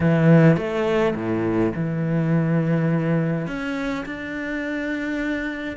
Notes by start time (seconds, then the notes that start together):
0.00 E3
0.56 A3
1.15 A2
1.75 E3
3.47 C#4
4.05 D4